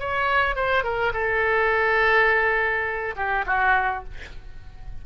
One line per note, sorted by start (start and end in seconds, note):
0.00 0.56 C#5
0.56 0.84 C5
0.84 1.13 A#4
1.14 3.16 A4
3.17 3.45 G4
3.47 4.05 F#4